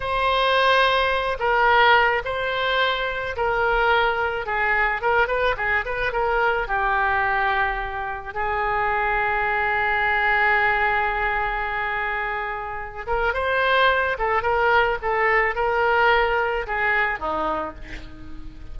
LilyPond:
\new Staff \with { instrumentName = "oboe" } { \time 4/4 \tempo 4 = 108 c''2~ c''8 ais'4. | c''2 ais'2 | gis'4 ais'8 b'8 gis'8 b'8 ais'4 | g'2. gis'4~ |
gis'1~ | gis'2.~ gis'8 ais'8 | c''4. a'8 ais'4 a'4 | ais'2 gis'4 dis'4 | }